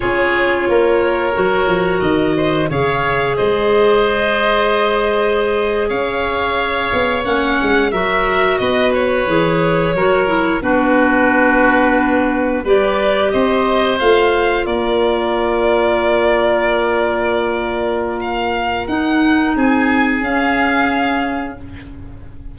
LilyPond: <<
  \new Staff \with { instrumentName = "violin" } { \time 4/4 \tempo 4 = 89 cis''2. dis''4 | f''4 dis''2.~ | dis''8. f''2 fis''4 e''16~ | e''8. dis''8 cis''2~ cis''8 b'16~ |
b'2~ b'8. d''4 dis''16~ | dis''8. f''4 d''2~ d''16~ | d''2. f''4 | fis''4 gis''4 f''2 | }
  \new Staff \with { instrumentName = "oboe" } { \time 4/4 gis'4 ais'2~ ais'8 c''8 | cis''4 c''2.~ | c''8. cis''2. ais'16~ | ais'8. b'2 ais'4 fis'16~ |
fis'2~ fis'8. b'4 c''16~ | c''4.~ c''16 ais'2~ ais'16~ | ais'1~ | ais'4 gis'2. | }
  \new Staff \with { instrumentName = "clarinet" } { \time 4/4 f'2 fis'2 | gis'1~ | gis'2~ gis'8. cis'4 fis'16~ | fis'4.~ fis'16 gis'4 fis'8 e'8 d'16~ |
d'2~ d'8. g'4~ g'16~ | g'8. f'2.~ f'16~ | f'1 | dis'2 cis'2 | }
  \new Staff \with { instrumentName = "tuba" } { \time 4/4 cis'4 ais4 fis8 f8 dis4 | cis4 gis2.~ | gis8. cis'4. b8 ais8 gis8 fis16~ | fis8. b4 e4 fis4 b16~ |
b2~ b8. g4 c'16~ | c'8. a4 ais2~ ais16~ | ais1 | dis'4 c'4 cis'2 | }
>>